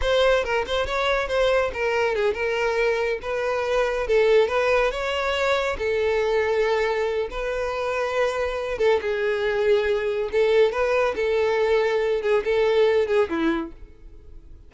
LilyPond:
\new Staff \with { instrumentName = "violin" } { \time 4/4 \tempo 4 = 140 c''4 ais'8 c''8 cis''4 c''4 | ais'4 gis'8 ais'2 b'8~ | b'4. a'4 b'4 cis''8~ | cis''4. a'2~ a'8~ |
a'4 b'2.~ | b'8 a'8 gis'2. | a'4 b'4 a'2~ | a'8 gis'8 a'4. gis'8 e'4 | }